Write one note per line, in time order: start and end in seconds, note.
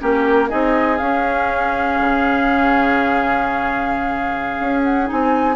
0.00 0.52 A#3
0.00 0.50 C#4
0.00 0.50 G4
0.00 0.50 A#4
0.50 1.01 C4
0.50 0.99 D#4
0.50 5.57 G#4
0.50 0.98 D#5
0.98 2.00 C#4
0.98 5.06 C#4
0.98 4.82 F5
2.00 4.60 C#3
4.60 5.10 C#4
4.83 5.08 F#5
5.06 5.56 D#4
5.06 5.57 G#5
5.13 5.57 C4